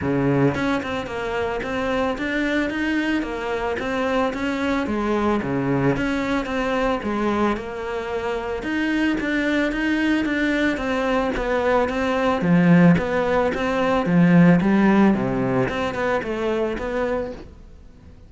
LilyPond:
\new Staff \with { instrumentName = "cello" } { \time 4/4 \tempo 4 = 111 cis4 cis'8 c'8 ais4 c'4 | d'4 dis'4 ais4 c'4 | cis'4 gis4 cis4 cis'4 | c'4 gis4 ais2 |
dis'4 d'4 dis'4 d'4 | c'4 b4 c'4 f4 | b4 c'4 f4 g4 | c4 c'8 b8 a4 b4 | }